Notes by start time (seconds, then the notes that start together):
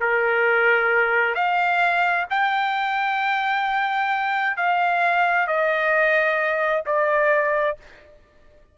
0.00 A#4
1.35 F5
2.30 G5
4.57 F5
5.47 D#5
6.86 D5